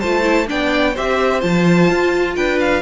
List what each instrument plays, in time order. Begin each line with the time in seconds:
0.00 cello A3, viola F4, violin C5 A5
0.23 viola E4
0.47 cello B3, viola D4, violin D5 G5
0.94 cello C4, viola G4, violin C5 E5
1.41 cello F3, viola F4, violin A5
1.90 cello F4
2.36 cello D4, violin B4 G5
2.60 violin F5